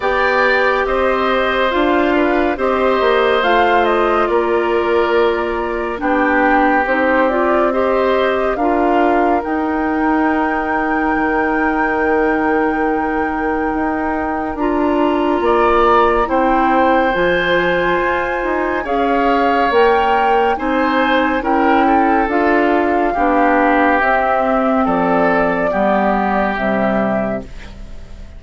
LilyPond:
<<
  \new Staff \with { instrumentName = "flute" } { \time 4/4 \tempo 4 = 70 g''4 dis''4 f''4 dis''4 | f''8 dis''8 d''2 g''4 | c''8 d''8 dis''4 f''4 g''4~ | g''1~ |
g''4 ais''2 g''4 | gis''2 f''4 g''4 | gis''4 g''4 f''2 | e''4 d''2 e''4 | }
  \new Staff \with { instrumentName = "oboe" } { \time 4/4 d''4 c''4. b'8 c''4~ | c''4 ais'2 g'4~ | g'4 c''4 ais'2~ | ais'1~ |
ais'2 d''4 c''4~ | c''2 cis''2 | c''4 ais'8 a'4. g'4~ | g'4 a'4 g'2 | }
  \new Staff \with { instrumentName = "clarinet" } { \time 4/4 g'2 f'4 g'4 | f'2. d'4 | dis'8 f'8 g'4 f'4 dis'4~ | dis'1~ |
dis'4 f'2 e'4 | f'2 gis'4 ais'4 | dis'4 e'4 f'4 d'4 | c'2 b4 g4 | }
  \new Staff \with { instrumentName = "bassoon" } { \time 4/4 b4 c'4 d'4 c'8 ais8 | a4 ais2 b4 | c'2 d'4 dis'4~ | dis'4 dis2. |
dis'4 d'4 ais4 c'4 | f4 f'8 dis'8 cis'4 ais4 | c'4 cis'4 d'4 b4 | c'4 f4 g4 c4 | }
>>